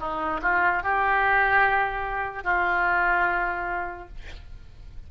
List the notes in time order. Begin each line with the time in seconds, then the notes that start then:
0.00 D#4
0.42 F4
0.83 G4
2.44 F4